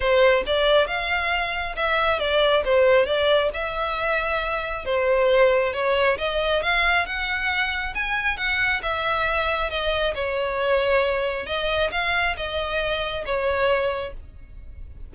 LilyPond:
\new Staff \with { instrumentName = "violin" } { \time 4/4 \tempo 4 = 136 c''4 d''4 f''2 | e''4 d''4 c''4 d''4 | e''2. c''4~ | c''4 cis''4 dis''4 f''4 |
fis''2 gis''4 fis''4 | e''2 dis''4 cis''4~ | cis''2 dis''4 f''4 | dis''2 cis''2 | }